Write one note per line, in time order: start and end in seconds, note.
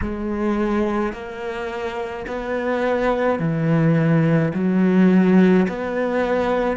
0.01 1.12 G#3
1.12 2.25 A#3
2.26 3.39 B3
3.39 4.52 E3
4.53 5.67 F#3
5.68 6.76 B3